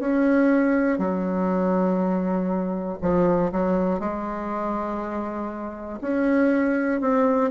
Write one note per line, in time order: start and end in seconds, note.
0.00 0.98 C#4
0.98 2.98 F#3
3.01 3.51 F3
3.52 4.00 F#3
4.00 6.00 G#3
6.01 7.00 C#4
7.00 7.50 C4